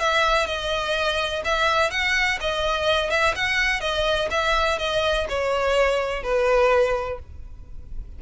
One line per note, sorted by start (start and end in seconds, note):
0.00 0.47 E5
0.47 1.43 D#5
1.45 1.91 E5
1.91 2.39 F#5
2.41 3.10 D#5
3.10 3.34 E5
3.35 3.81 F#5
3.81 4.29 D#5
4.30 4.78 E5
4.79 5.27 D#5
5.29 6.23 C#5
6.23 7.19 B4